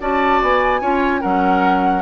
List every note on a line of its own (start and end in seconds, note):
0.00 0.41 C#4
0.00 0.82 F#4
0.00 0.81 D5
0.00 0.42 A5
0.42 0.81 B3
0.42 1.21 G#5
0.81 1.22 C#4
0.81 1.22 F4
0.81 1.21 C#5
1.21 2.02 F#3
1.21 2.02 C#4
1.21 2.02 A#4
1.21 2.02 F#5